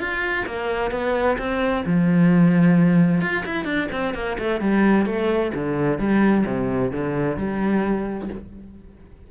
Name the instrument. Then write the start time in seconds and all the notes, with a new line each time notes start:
cello
0.00 F4
0.47 A#3
0.91 B3
1.38 C4
1.86 F3
3.21 F4
3.46 E4
3.65 D4
3.92 C4
4.15 A#3
4.39 A3
4.61 G3
5.06 A3
5.55 D3
5.99 G3
6.47 C3
6.92 D3
7.37 G3